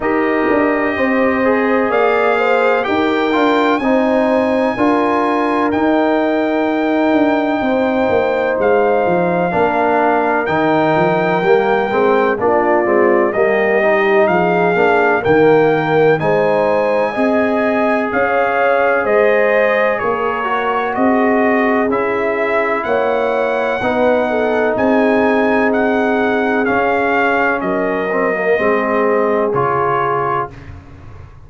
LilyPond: <<
  \new Staff \with { instrumentName = "trumpet" } { \time 4/4 \tempo 4 = 63 dis''2 f''4 g''4 | gis''2 g''2~ | g''4 f''2 g''4~ | g''4 d''4 dis''4 f''4 |
g''4 gis''2 f''4 | dis''4 cis''4 dis''4 e''4 | fis''2 gis''4 fis''4 | f''4 dis''2 cis''4 | }
  \new Staff \with { instrumentName = "horn" } { \time 4/4 ais'4 c''4 d''8 c''8 ais'4 | c''4 ais'2. | c''2 ais'2~ | ais'4 f'4 g'4 gis'4 |
ais'4 c''4 dis''4 cis''4 | c''4 ais'4 gis'2 | cis''4 b'8 a'8 gis'2~ | gis'4 ais'4 gis'2 | }
  \new Staff \with { instrumentName = "trombone" } { \time 4/4 g'4. gis'4. g'8 f'8 | dis'4 f'4 dis'2~ | dis'2 d'4 dis'4 | ais8 c'8 d'8 c'8 ais8 dis'4 d'8 |
ais4 dis'4 gis'2~ | gis'4. fis'4. e'4~ | e'4 dis'2. | cis'4. c'16 ais16 c'4 f'4 | }
  \new Staff \with { instrumentName = "tuba" } { \time 4/4 dis'8 d'8 c'4 ais4 dis'8 d'8 | c'4 d'4 dis'4. d'8 | c'8 ais8 gis8 f8 ais4 dis8 f8 | g8 gis8 ais8 gis8 g4 f8 ais8 |
dis4 gis4 c'4 cis'4 | gis4 ais4 c'4 cis'4 | ais4 b4 c'2 | cis'4 fis4 gis4 cis4 | }
>>